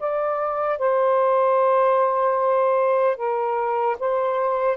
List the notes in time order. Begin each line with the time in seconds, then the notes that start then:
0.00 D5
0.79 C5
3.17 A#4
4.00 C5